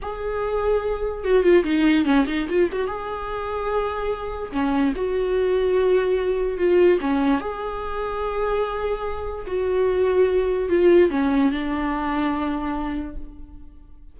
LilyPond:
\new Staff \with { instrumentName = "viola" } { \time 4/4 \tempo 4 = 146 gis'2. fis'8 f'8 | dis'4 cis'8 dis'8 f'8 fis'8 gis'4~ | gis'2. cis'4 | fis'1 |
f'4 cis'4 gis'2~ | gis'2. fis'4~ | fis'2 f'4 cis'4 | d'1 | }